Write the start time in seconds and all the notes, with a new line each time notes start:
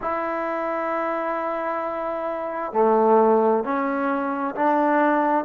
0.01 E4
2.73 A3
3.64 C#4
4.55 D4